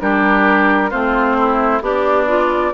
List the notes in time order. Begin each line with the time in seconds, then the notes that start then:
0.00 G3 D4 G4 A#4
0.90 A3 C4 F4 C5
1.38 E4
1.81 B3 D4 G4 D5
2.27 F4